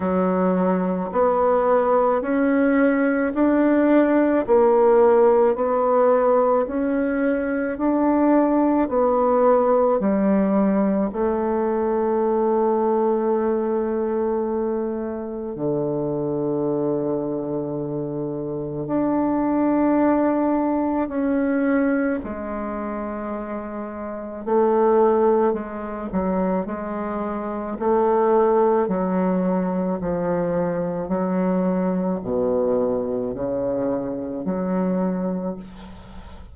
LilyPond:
\new Staff \with { instrumentName = "bassoon" } { \time 4/4 \tempo 4 = 54 fis4 b4 cis'4 d'4 | ais4 b4 cis'4 d'4 | b4 g4 a2~ | a2 d2~ |
d4 d'2 cis'4 | gis2 a4 gis8 fis8 | gis4 a4 fis4 f4 | fis4 b,4 cis4 fis4 | }